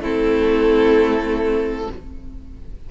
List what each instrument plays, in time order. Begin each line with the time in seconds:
0.00 cello A3, viola C4, violin E4 A4